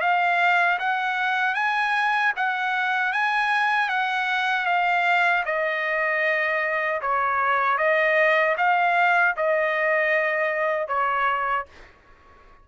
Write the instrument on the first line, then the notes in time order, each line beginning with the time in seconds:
trumpet
0.00 F5
0.78 F#5
1.54 G#5
2.36 F#5
3.12 G#5
3.89 F#5
4.65 F5
5.45 D#5
7.01 C#5
7.77 D#5
8.57 F5
9.36 D#5
10.87 C#5